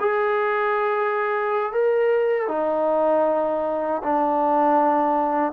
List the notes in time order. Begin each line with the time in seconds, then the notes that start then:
0.00 G#4
1.72 A#4
2.48 D#4
4.03 D4